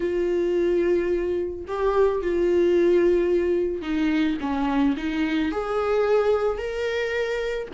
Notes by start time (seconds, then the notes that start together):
0.00 F4
1.67 G4
2.21 F4
3.82 D#4
4.40 C#4
4.96 D#4
5.51 G#4
6.58 A#4